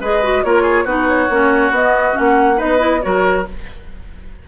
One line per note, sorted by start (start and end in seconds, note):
0.00 0.43 G#3
0.00 0.23 G#4
0.00 0.44 B4
0.00 0.43 D#5
0.23 0.45 F#4
0.43 0.84 A#3
0.43 0.86 F4
0.43 0.62 A#4
0.43 0.85 C#5
0.62 0.84 G#4
0.84 1.27 B3
0.84 1.30 D#4
0.84 2.57 F#4
0.84 1.07 B4
1.08 1.73 C#5
1.29 1.70 A#3
1.29 1.74 C#4
1.70 2.13 B3
1.70 2.12 B3
1.70 2.17 D#5
2.12 2.56 C#4
2.12 2.59 F#5
2.19 2.62 A#3
2.56 3.05 B3
2.56 2.77 D#4
2.56 3.00 B4
2.56 3.01 D#5
2.78 3.00 E4
3.01 3.48 F#3
3.01 3.45 F#4
3.01 3.48 A#4
3.01 3.45 C#5